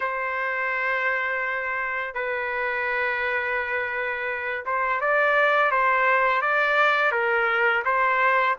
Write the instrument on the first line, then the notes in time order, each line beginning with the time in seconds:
trumpet
0.00 C5
2.14 B4
4.65 C5
5.00 D5
5.71 C5
6.41 D5
7.11 A#4
7.84 C5